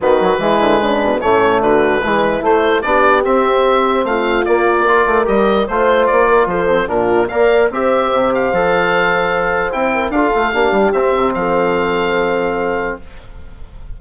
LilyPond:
<<
  \new Staff \with { instrumentName = "oboe" } { \time 4/4 \tempo 4 = 148 b'2. cis''4 | b'2 c''4 d''4 | e''2 f''4 d''4~ | d''4 dis''4 c''4 d''4 |
c''4 ais'4 f''4 e''4~ | e''8 f''2.~ f''8 | g''4 f''2 e''4 | f''1 | }
  \new Staff \with { instrumentName = "horn" } { \time 4/4 fis'4 e'4 d'4 cis'4 | fis'4 e'2 g'4~ | g'2 f'2 | ais'2 c''4. ais'8 |
a'4 f'4 d''4 c''4~ | c''1~ | c''8 ais'8 a'4 g'2 | a'1 | }
  \new Staff \with { instrumentName = "trombone" } { \time 4/4 b8 fis8 gis2 a4~ | a4 gis4 a4 d'4 | c'2. ais4 | f'4 g'4 f'2~ |
f'8 c'8 d'4 ais'4 g'4~ | g'4 a'2. | e'4 f'4 d'4 c'4~ | c'1 | }
  \new Staff \with { instrumentName = "bassoon" } { \time 4/4 dis4 e8 d8 cis8 b,8 a,4 | d4 e4 a4 b4 | c'2 a4 ais4~ | ais8 a8 g4 a4 ais4 |
f4 ais,4 ais4 c'4 | c4 f2. | c'4 d'8 a8 ais8 g8 c'8 c8 | f1 | }
>>